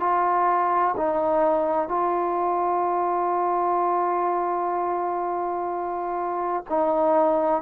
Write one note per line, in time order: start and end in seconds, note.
0.00 0.95 F4
0.97 1.88 D#4
1.88 6.64 F4
6.69 7.62 D#4